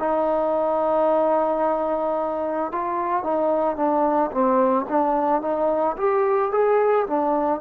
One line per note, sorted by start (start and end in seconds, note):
0.00 2.72 D#4
2.72 3.24 F4
3.24 3.76 D#4
3.76 4.31 D4
4.32 4.86 C4
4.89 5.42 D4
5.42 5.97 D#4
5.98 6.52 G4
6.52 7.07 G#4
7.07 7.61 D4